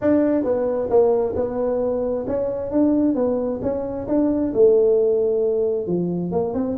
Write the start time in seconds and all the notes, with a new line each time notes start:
0.01 D4
0.43 B3
0.89 A#3
1.35 B3
2.27 C#4
2.71 D4
3.15 B3
3.62 C#4
4.07 D4
4.53 A3
5.86 F3
6.31 A#3
6.54 C4